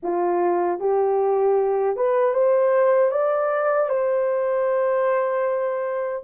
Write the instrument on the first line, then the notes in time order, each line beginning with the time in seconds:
horn
0.02 F4
0.79 G4
1.96 B4
2.34 C5
3.11 D5
3.89 C5